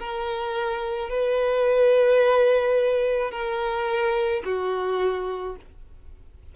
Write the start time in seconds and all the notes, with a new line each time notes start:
0.00 A#4
1.10 B4
3.31 A#4
4.45 F#4